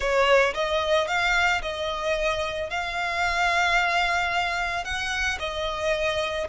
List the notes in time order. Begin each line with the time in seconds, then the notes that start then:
0.00 C#5
0.54 D#5
1.07 F5
1.62 D#5
2.70 F5
4.84 F#5
5.39 D#5